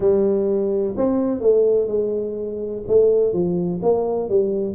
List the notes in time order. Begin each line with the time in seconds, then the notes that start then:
0.00 G3
0.97 C4
1.40 A3
1.87 G#3
2.87 A3
3.33 F3
3.82 A#3
4.29 G3